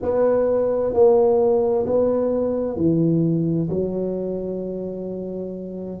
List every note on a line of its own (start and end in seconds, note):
0.02 0.93 B3
0.93 1.85 A#3
1.85 2.76 B3
2.76 3.68 E3
3.69 6.00 F#3